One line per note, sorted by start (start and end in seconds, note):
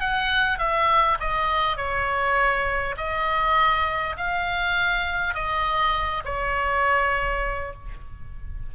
0.00 0.59 F#5
0.59 1.18 E5
1.20 1.77 D#5
1.77 2.96 C#5
2.98 4.16 D#5
4.17 5.34 F5
5.34 6.23 D#5
6.25 7.73 C#5